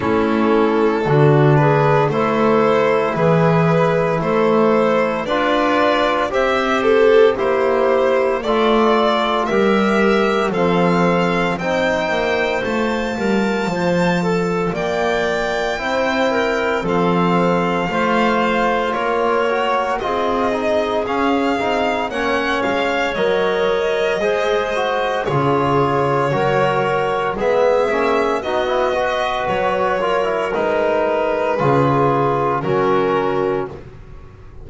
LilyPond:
<<
  \new Staff \with { instrumentName = "violin" } { \time 4/4 \tempo 4 = 57 a'4. b'8 c''4 b'4 | c''4 d''4 e''8 a'8 c''4 | d''4 e''4 f''4 g''4 | a''2 g''2 |
f''2 cis''4 dis''4 | f''4 fis''8 f''8 dis''2 | cis''2 e''4 dis''4 | cis''4 b'2 ais'4 | }
  \new Staff \with { instrumentName = "clarinet" } { \time 4/4 e'4 fis'8 gis'8 a'4 gis'4 | a'4 b'4 c''4 g'4 | a'4 ais'4 a'4 c''4~ | c''8 ais'8 c''8 a'8 d''4 c''8 ais'8 |
a'4 c''4 ais'4 gis'4~ | gis'4 cis''2 c''4 | gis'4 ais'4 gis'4 fis'8 b'8~ | b'8 ais'4. gis'4 fis'4 | }
  \new Staff \with { instrumentName = "trombone" } { \time 4/4 cis'4 d'4 e'2~ | e'4 f'4 g'4 e'4 | f'4 g'4 c'4 dis'4 | f'2. e'4 |
c'4 f'4. fis'8 f'8 dis'8 | cis'8 dis'8 cis'4 ais'4 gis'8 fis'8 | f'4 fis'4 b8 cis'8 dis'16 e'16 fis'8~ | fis'8 f'16 e'16 dis'4 f'4 cis'4 | }
  \new Staff \with { instrumentName = "double bass" } { \time 4/4 a4 d4 a4 e4 | a4 d'4 c'4 ais4 | a4 g4 f4 c'8 ais8 | a8 g8 f4 ais4 c'4 |
f4 a4 ais4 c'4 | cis'8 c'8 ais8 gis8 fis4 gis4 | cis4 fis4 gis8 ais8 b4 | fis4 gis4 cis4 fis4 | }
>>